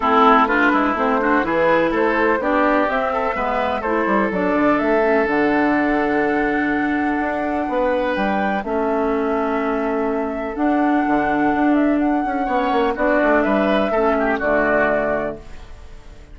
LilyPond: <<
  \new Staff \with { instrumentName = "flute" } { \time 4/4 \tempo 4 = 125 a'4 b'4 c''4 b'4 | c''4 d''4 e''2 | c''4 d''4 e''4 fis''4~ | fis''1~ |
fis''4 g''4 e''2~ | e''2 fis''2~ | fis''8 e''8 fis''2 d''4 | e''2 d''2 | }
  \new Staff \with { instrumentName = "oboe" } { \time 4/4 e'4 f'8 e'4 fis'8 gis'4 | a'4 g'4. a'8 b'4 | a'1~ | a'1 |
b'2 a'2~ | a'1~ | a'2 cis''4 fis'4 | b'4 a'8 g'8 fis'2 | }
  \new Staff \with { instrumentName = "clarinet" } { \time 4/4 c'4 d'4 c'8 d'8 e'4~ | e'4 d'4 c'4 b4 | e'4 d'4. cis'8 d'4~ | d'1~ |
d'2 cis'2~ | cis'2 d'2~ | d'2 cis'4 d'4~ | d'4 cis'4 a2 | }
  \new Staff \with { instrumentName = "bassoon" } { \time 4/4 a4. gis8 a4 e4 | a4 b4 c'4 gis4 | a8 g8 fis8 d8 a4 d4~ | d2. d'4 |
b4 g4 a2~ | a2 d'4 d4 | d'4. cis'8 b8 ais8 b8 a8 | g4 a4 d2 | }
>>